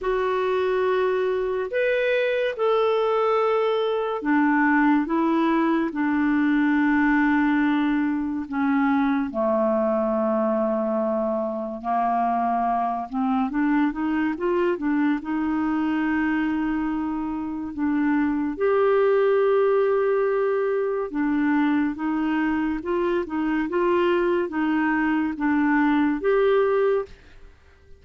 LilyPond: \new Staff \with { instrumentName = "clarinet" } { \time 4/4 \tempo 4 = 71 fis'2 b'4 a'4~ | a'4 d'4 e'4 d'4~ | d'2 cis'4 a4~ | a2 ais4. c'8 |
d'8 dis'8 f'8 d'8 dis'2~ | dis'4 d'4 g'2~ | g'4 d'4 dis'4 f'8 dis'8 | f'4 dis'4 d'4 g'4 | }